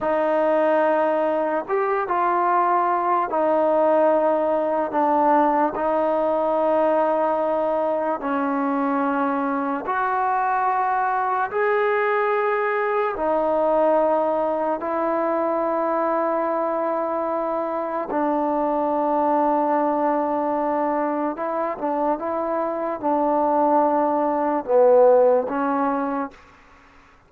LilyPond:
\new Staff \with { instrumentName = "trombone" } { \time 4/4 \tempo 4 = 73 dis'2 g'8 f'4. | dis'2 d'4 dis'4~ | dis'2 cis'2 | fis'2 gis'2 |
dis'2 e'2~ | e'2 d'2~ | d'2 e'8 d'8 e'4 | d'2 b4 cis'4 | }